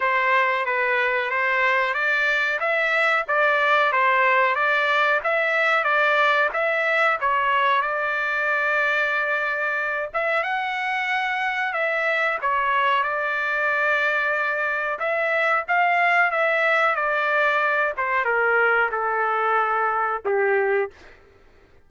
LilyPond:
\new Staff \with { instrumentName = "trumpet" } { \time 4/4 \tempo 4 = 92 c''4 b'4 c''4 d''4 | e''4 d''4 c''4 d''4 | e''4 d''4 e''4 cis''4 | d''2.~ d''8 e''8 |
fis''2 e''4 cis''4 | d''2. e''4 | f''4 e''4 d''4. c''8 | ais'4 a'2 g'4 | }